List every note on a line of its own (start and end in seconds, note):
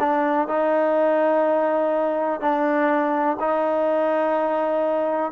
0.00 0.48 D4
0.48 2.41 D#4
2.41 3.37 D4
3.40 5.32 D#4